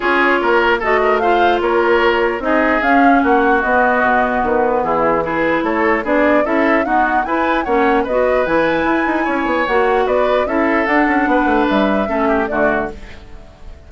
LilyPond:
<<
  \new Staff \with { instrumentName = "flute" } { \time 4/4 \tempo 4 = 149 cis''2 dis''4 f''4 | cis''2 dis''4 f''4 | fis''4 dis''2 b'4 | gis'4 b'4 cis''4 d''4 |
e''4 fis''4 gis''4 fis''4 | dis''4 gis''2. | fis''4 d''4 e''4 fis''4~ | fis''4 e''2 d''4 | }
  \new Staff \with { instrumentName = "oboe" } { \time 4/4 gis'4 ais'4 a'8 ais'8 c''4 | ais'2 gis'2 | fis'1 | e'4 gis'4 a'4 gis'4 |
a'4 fis'4 b'4 cis''4 | b'2. cis''4~ | cis''4 b'4 a'2 | b'2 a'8 g'8 fis'4 | }
  \new Staff \with { instrumentName = "clarinet" } { \time 4/4 f'2 fis'4 f'4~ | f'2 dis'4 cis'4~ | cis'4 b2.~ | b4 e'2 d'4 |
e'4 b4 e'4 cis'4 | fis'4 e'2. | fis'2 e'4 d'4~ | d'2 cis'4 a4 | }
  \new Staff \with { instrumentName = "bassoon" } { \time 4/4 cis'4 ais4 a2 | ais2 c'4 cis'4 | ais4 b4 b,4 dis4 | e2 a4 b4 |
cis'4 dis'4 e'4 ais4 | b4 e4 e'8 dis'8 cis'8 b8 | ais4 b4 cis'4 d'8 cis'8 | b8 a8 g4 a4 d4 | }
>>